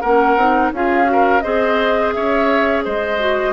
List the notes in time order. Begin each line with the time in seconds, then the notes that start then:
0.00 A#3 C#4 A#4 F#5
0.36 C4 D#4
0.72 C#4 F4 G#4 F5
1.04 F#4
1.12 A#4
1.41 C4 G#4 C5 D#5
2.12 C#4 C#5 E5
2.84 G#3 C5 D#5
3.19 F#4